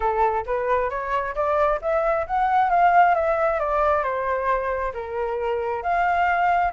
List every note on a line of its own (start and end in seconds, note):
0.00 0.44 A4
0.46 0.90 B4
0.90 1.34 C#5
1.35 1.80 D5
1.81 2.26 E5
2.26 2.70 F#5
2.70 3.14 F5
3.14 3.59 E5
3.59 4.03 D5
4.03 4.92 C5
4.93 5.82 A#4
5.82 6.72 F5